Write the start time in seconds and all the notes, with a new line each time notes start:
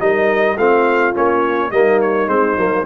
0.00 G3 D#4 A#4 D#5
0.56 A3 C4 F4 F5
1.14 A#3 C#4 C#5
1.71 G3 A#3 D#4 D#5
2.01 C#5
2.27 G#3 C4 C5
2.56 F#3 A#3